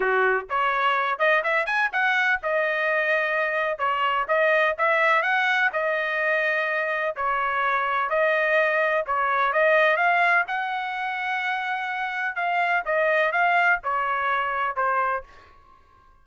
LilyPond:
\new Staff \with { instrumentName = "trumpet" } { \time 4/4 \tempo 4 = 126 fis'4 cis''4. dis''8 e''8 gis''8 | fis''4 dis''2. | cis''4 dis''4 e''4 fis''4 | dis''2. cis''4~ |
cis''4 dis''2 cis''4 | dis''4 f''4 fis''2~ | fis''2 f''4 dis''4 | f''4 cis''2 c''4 | }